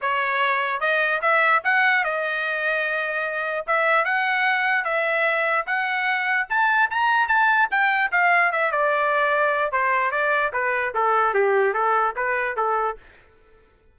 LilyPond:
\new Staff \with { instrumentName = "trumpet" } { \time 4/4 \tempo 4 = 148 cis''2 dis''4 e''4 | fis''4 dis''2.~ | dis''4 e''4 fis''2 | e''2 fis''2 |
a''4 ais''4 a''4 g''4 | f''4 e''8 d''2~ d''8 | c''4 d''4 b'4 a'4 | g'4 a'4 b'4 a'4 | }